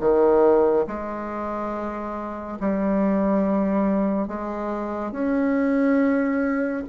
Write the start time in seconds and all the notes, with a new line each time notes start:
0.00 D#3
0.87 G#3
2.60 G3
4.28 G#3
5.12 C#4